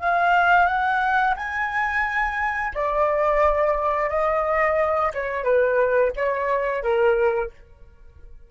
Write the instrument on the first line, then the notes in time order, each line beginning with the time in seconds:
flute
0.00 F5
0.67 F#5
1.37 G#5
2.75 D5
4.10 D#5
5.14 C#5
5.44 B4
6.16 C#5
6.83 A#4